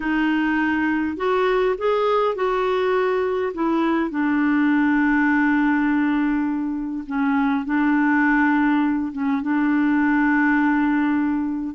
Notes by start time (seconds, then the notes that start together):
0.00 D#4
1.16 F#4
1.78 G#4
2.35 F#4
3.53 E4
4.10 D4
7.06 C#4
7.65 D4
9.12 C#4
9.41 D4